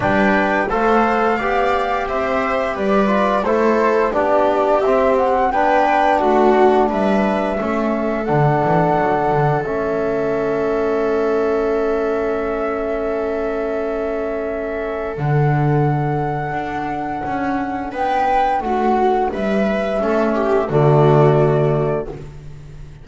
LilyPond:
<<
  \new Staff \with { instrumentName = "flute" } { \time 4/4 \tempo 4 = 87 g''4 f''2 e''4 | d''4 c''4 d''4 e''8 fis''8 | g''4 fis''4 e''2 | fis''2 e''2~ |
e''1~ | e''2 fis''2~ | fis''2 g''4 fis''4 | e''2 d''2 | }
  \new Staff \with { instrumentName = "viola" } { \time 4/4 b'4 c''4 d''4 c''4 | b'4 a'4 g'2 | b'4 fis'4 b'4 a'4~ | a'1~ |
a'1~ | a'1~ | a'2 b'4 fis'4 | b'4 a'8 g'8 fis'2 | }
  \new Staff \with { instrumentName = "trombone" } { \time 4/4 d'4 a'4 g'2~ | g'8 f'8 e'4 d'4 c'4 | d'2. cis'4 | d'2 cis'2~ |
cis'1~ | cis'2 d'2~ | d'1~ | d'4 cis'4 a2 | }
  \new Staff \with { instrumentName = "double bass" } { \time 4/4 g4 a4 b4 c'4 | g4 a4 b4 c'4 | b4 a4 g4 a4 | d8 e8 fis8 d8 a2~ |
a1~ | a2 d2 | d'4 cis'4 b4 a4 | g4 a4 d2 | }
>>